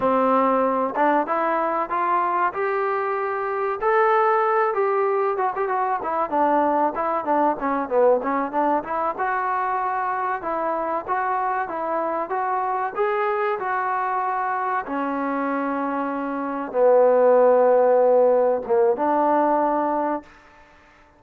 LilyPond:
\new Staff \with { instrumentName = "trombone" } { \time 4/4 \tempo 4 = 95 c'4. d'8 e'4 f'4 | g'2 a'4. g'8~ | g'8 fis'16 g'16 fis'8 e'8 d'4 e'8 d'8 | cis'8 b8 cis'8 d'8 e'8 fis'4.~ |
fis'8 e'4 fis'4 e'4 fis'8~ | fis'8 gis'4 fis'2 cis'8~ | cis'2~ cis'8 b4.~ | b4. ais8 d'2 | }